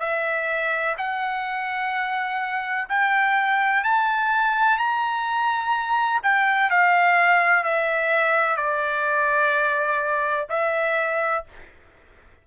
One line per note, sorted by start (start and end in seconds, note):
0.00 0.95 E5
0.98 2.88 F#5
2.89 3.84 G5
3.84 4.78 A5
4.78 6.21 A#5
6.23 6.70 G5
6.70 7.64 F5
7.64 8.57 E5
8.57 10.47 D5
10.49 11.45 E5